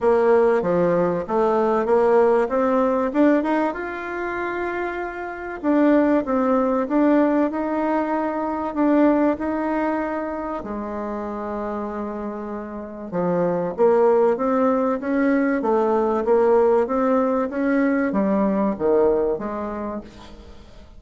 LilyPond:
\new Staff \with { instrumentName = "bassoon" } { \time 4/4 \tempo 4 = 96 ais4 f4 a4 ais4 | c'4 d'8 dis'8 f'2~ | f'4 d'4 c'4 d'4 | dis'2 d'4 dis'4~ |
dis'4 gis2.~ | gis4 f4 ais4 c'4 | cis'4 a4 ais4 c'4 | cis'4 g4 dis4 gis4 | }